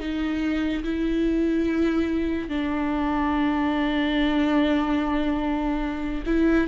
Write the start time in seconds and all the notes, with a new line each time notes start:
0.00 D#4
0.84 E4
2.49 D4
6.27 E4